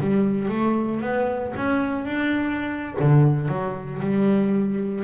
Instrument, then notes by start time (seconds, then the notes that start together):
double bass
0.00 G3
0.49 A3
1.01 B3
1.56 C#4
2.05 D4
2.99 D3
3.48 F#3
4.01 G3